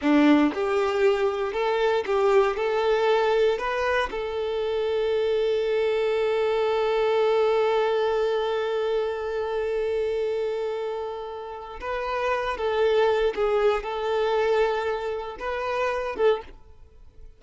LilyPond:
\new Staff \with { instrumentName = "violin" } { \time 4/4 \tempo 4 = 117 d'4 g'2 a'4 | g'4 a'2 b'4 | a'1~ | a'1~ |
a'1~ | a'2. b'4~ | b'8 a'4. gis'4 a'4~ | a'2 b'4. a'8 | }